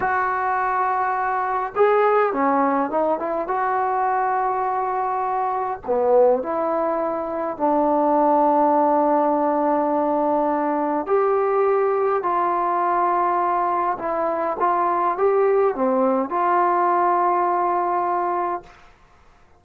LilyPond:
\new Staff \with { instrumentName = "trombone" } { \time 4/4 \tempo 4 = 103 fis'2. gis'4 | cis'4 dis'8 e'8 fis'2~ | fis'2 b4 e'4~ | e'4 d'2.~ |
d'2. g'4~ | g'4 f'2. | e'4 f'4 g'4 c'4 | f'1 | }